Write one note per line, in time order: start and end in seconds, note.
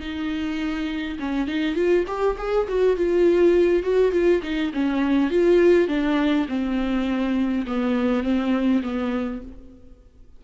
0.00 1.18 D#4
1.20 1.48 C#4
1.48 1.75 D#4
1.75 2.05 F4
2.07 2.37 G4
2.38 2.67 G#4
2.68 2.97 F#4
2.97 3.83 F4
3.83 4.12 F#4
4.12 4.41 F4
4.43 4.72 D#4
4.73 5.30 C#4
5.30 5.88 F4
5.88 6.47 D4
6.48 7.66 C4
7.67 8.23 B3
8.23 8.82 C4
8.83 9.42 B3